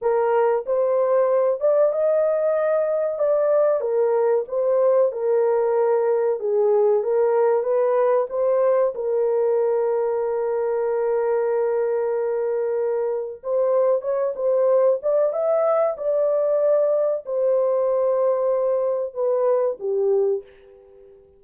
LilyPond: \new Staff \with { instrumentName = "horn" } { \time 4/4 \tempo 4 = 94 ais'4 c''4. d''8 dis''4~ | dis''4 d''4 ais'4 c''4 | ais'2 gis'4 ais'4 | b'4 c''4 ais'2~ |
ais'1~ | ais'4 c''4 cis''8 c''4 d''8 | e''4 d''2 c''4~ | c''2 b'4 g'4 | }